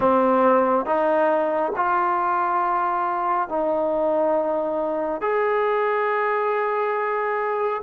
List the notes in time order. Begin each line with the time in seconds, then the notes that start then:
0.00 C4
0.85 D#4
1.75 F4
3.48 D#4
5.21 G#4